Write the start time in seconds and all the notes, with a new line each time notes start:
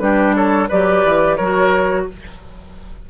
0.00 G3 D4 G4 B4
0.36 A4 C#5
0.69 F#3 G4 B4 D5
1.05 E3
1.37 F#3 F#4 A#4 C#5